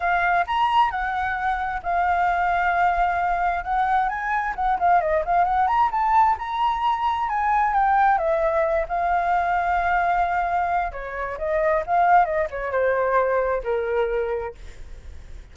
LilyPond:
\new Staff \with { instrumentName = "flute" } { \time 4/4 \tempo 4 = 132 f''4 ais''4 fis''2 | f''1 | fis''4 gis''4 fis''8 f''8 dis''8 f''8 | fis''8 ais''8 a''4 ais''2 |
gis''4 g''4 e''4. f''8~ | f''1 | cis''4 dis''4 f''4 dis''8 cis''8 | c''2 ais'2 | }